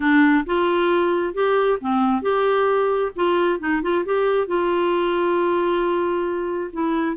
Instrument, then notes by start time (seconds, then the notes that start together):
clarinet
0.00 D4
0.46 F4
1.34 G4
1.80 C4
2.21 G4
3.15 F4
3.59 D#4
3.82 F4
4.05 G4
4.47 F4
6.72 E4